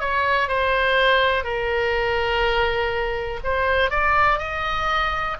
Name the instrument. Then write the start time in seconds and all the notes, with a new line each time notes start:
oboe
0.00 C#5
0.48 C5
1.44 A#4
3.43 C5
3.90 D5
4.39 D#5